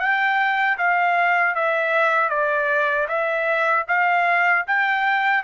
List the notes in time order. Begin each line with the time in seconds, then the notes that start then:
0.00 G5
0.78 F5
1.55 E5
2.30 D5
3.08 E5
3.88 F5
4.67 G5